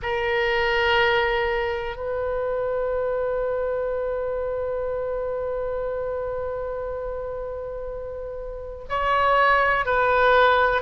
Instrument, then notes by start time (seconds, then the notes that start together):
oboe
0.02 A#4
1.96 B4
8.89 C#5
9.85 B4